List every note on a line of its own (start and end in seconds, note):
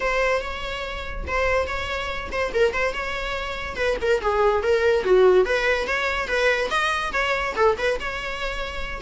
0.00 0.41 C5
0.41 1.25 C#5
1.27 1.67 C5
1.67 2.30 C#5
2.31 2.52 C5
2.54 2.73 A#4
2.73 2.93 C5
2.93 3.76 C#5
3.76 3.97 B4
4.01 4.21 A#4
4.21 4.62 G#4
4.62 5.04 A#4
5.04 5.45 F#4
5.45 5.87 B4
5.87 6.27 C#5
6.27 6.69 B4
6.70 7.12 D#5
7.13 7.54 C#5
7.56 7.77 A4
7.78 7.99 B4
7.99 9.01 C#5